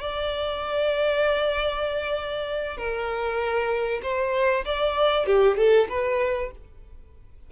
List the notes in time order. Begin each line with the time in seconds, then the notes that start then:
0.00 D5
2.77 A#4
4.03 C5
4.65 D5
5.26 G4
5.57 A4
5.89 B4